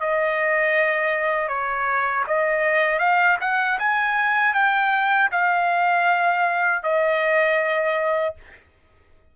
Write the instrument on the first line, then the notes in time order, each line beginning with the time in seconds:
trumpet
0.00 D#5
1.48 C#5
2.27 D#5
2.99 F5
3.41 F#5
3.79 G#5
4.54 G5
5.32 F5
6.83 D#5